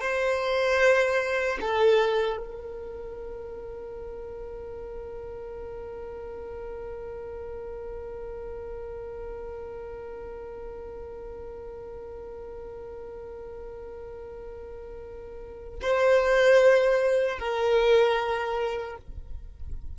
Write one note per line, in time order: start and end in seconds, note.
0.00 1.58 C5
1.61 2.37 A4
2.37 15.79 A#4
15.81 17.39 C5
17.39 18.97 A#4